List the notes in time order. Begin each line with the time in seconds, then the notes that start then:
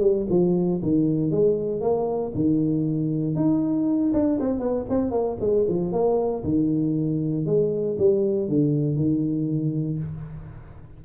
0.00 G3
0.29 F3
0.82 D#3
1.31 G#3
1.80 A#3
2.34 D#3
3.35 D#4
4.13 D4
4.39 C4
4.59 B3
4.89 C4
5.11 A#3
5.40 G#3
5.68 F3
5.92 A#3
6.44 D#3
7.46 G#3
7.98 G3
8.48 D3
8.96 D#3